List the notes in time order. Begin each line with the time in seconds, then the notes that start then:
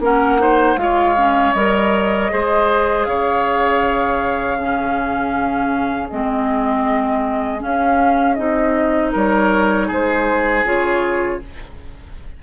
0.00 A#3 C#4 A#4 F#5
0.39 D#4 C5
0.77 G#3 F4 C#5 F5
1.17 C#4
1.53 G3 A#4 D#5
2.31 G#3 G#4 C5
3.05 C#3 C#5 F5
4.58 C#4 G#4
6.10 G#3 C4 D#5
7.60 C#4 F5
8.34 C4 D#4 D#5
9.12 G3 A#4 C#5
9.88 G#3 G#4 C5
10.64 C#3 F4 C#5